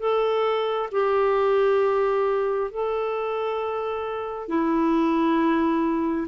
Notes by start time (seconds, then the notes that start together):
0.00 A4
0.92 G4
2.71 A4
4.49 E4